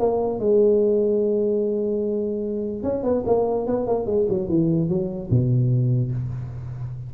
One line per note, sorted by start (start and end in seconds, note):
0.00 0.40 A#3
0.40 2.83 G#3
2.83 3.04 C#4
3.04 3.24 B3
3.27 3.67 A#3
3.67 3.87 B3
3.88 4.07 A#3
4.07 4.27 G#3
4.29 4.49 F#3
4.49 4.89 E3
4.89 5.30 F#3
5.31 6.12 B2